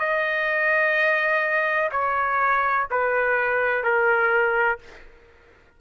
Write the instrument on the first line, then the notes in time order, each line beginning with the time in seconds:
trumpet
0.00 D#5
1.92 C#5
2.91 B4
3.84 A#4